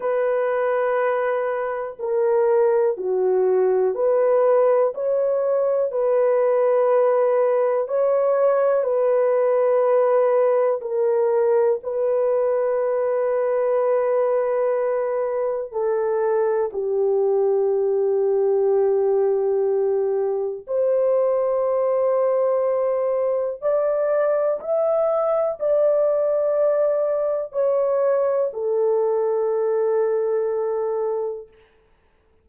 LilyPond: \new Staff \with { instrumentName = "horn" } { \time 4/4 \tempo 4 = 61 b'2 ais'4 fis'4 | b'4 cis''4 b'2 | cis''4 b'2 ais'4 | b'1 |
a'4 g'2.~ | g'4 c''2. | d''4 e''4 d''2 | cis''4 a'2. | }